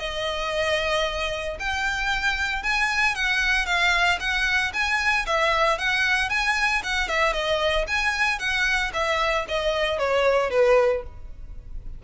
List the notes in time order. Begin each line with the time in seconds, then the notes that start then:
0.00 D#5
1.60 G5
2.63 G#5
3.16 F#5
3.66 F5
4.20 F#5
4.74 G#5
5.27 E5
5.78 F#5
6.30 G#5
6.84 F#5
7.09 E5
7.33 D#5
7.88 G#5
8.39 F#5
8.94 E5
9.49 D#5
9.99 C#5
10.51 B4